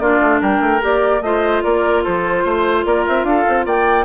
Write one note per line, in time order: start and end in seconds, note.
0.00 0.21 A#3
0.00 0.81 D4
0.00 0.41 F4
0.00 0.41 D5
0.21 0.42 A3
0.41 0.60 G3
0.41 1.22 A#4
0.41 0.83 G5
0.60 0.81 A3
0.81 1.21 A#3
0.81 1.22 G4
0.81 1.23 D5
1.21 1.62 A3
1.21 4.05 F4
1.21 1.64 C5
1.21 1.63 D#5
1.64 2.06 A#3
1.64 2.04 A#4
1.64 2.04 D5
2.04 2.45 F3
2.04 2.44 A4
2.04 2.86 C5
2.45 2.85 A3
2.45 2.86 C5
2.86 3.06 A#3
2.86 3.27 A#4
2.86 3.06 D5
3.07 3.24 C4
3.07 3.25 E5
3.24 3.45 D4
3.24 3.66 A4
3.24 3.66 F5
3.49 3.66 C4
3.66 4.05 A#3
3.66 4.05 D5
3.66 4.05 G5